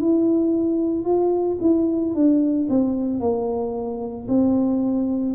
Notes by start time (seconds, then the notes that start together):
0.00 E4
1.04 F4
1.61 E4
2.14 D4
2.69 C4
3.19 A#3
4.28 C4